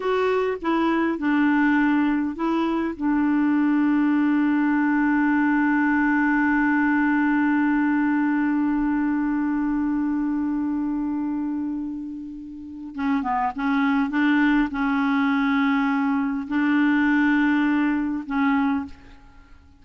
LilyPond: \new Staff \with { instrumentName = "clarinet" } { \time 4/4 \tempo 4 = 102 fis'4 e'4 d'2 | e'4 d'2.~ | d'1~ | d'1~ |
d'1~ | d'2 cis'8 b8 cis'4 | d'4 cis'2. | d'2. cis'4 | }